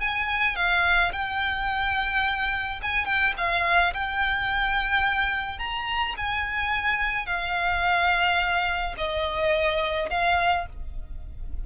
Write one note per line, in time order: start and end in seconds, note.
0.00 0.56 G#5
0.56 1.12 F5
1.12 2.80 G5
2.82 3.05 G#5
3.05 3.33 G5
3.37 3.93 F5
3.94 5.59 G5
5.59 6.15 A#5
6.17 7.26 G#5
7.26 8.94 F5
8.97 10.09 D#5
10.10 10.66 F5